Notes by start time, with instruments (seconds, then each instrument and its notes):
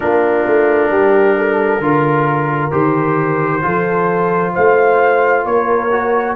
0.00 tuba A#3, trombone D4, horn F4, trumpet A#4
0.47 tuba A3
0.90 tuba G3, horn G4
1.37 horn A4
1.79 tuba D3, trombone F4, horn A#4
2.71 tuba D#3, trombone G4, trumpet C5
3.62 tuba F3, trombone F4, horn A4
4.52 tuba A3, horn C5, trumpet F5
5.45 tuba A#3, horn A#4, trumpet C#5
5.91 trombone F#4